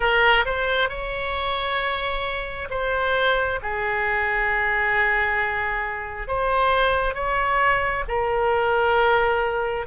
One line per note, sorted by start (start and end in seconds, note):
0.00 0.45 A#4
0.45 0.89 C5
0.89 2.68 C#5
2.70 3.59 C5
3.62 6.27 G#4
6.27 7.14 C5
7.14 8.04 C#5
8.08 9.86 A#4